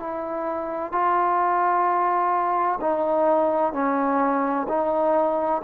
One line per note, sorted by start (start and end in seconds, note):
0.00 0.92 E4
0.92 2.80 F4
2.81 3.73 D#4
3.73 4.67 C#4
4.69 5.62 D#4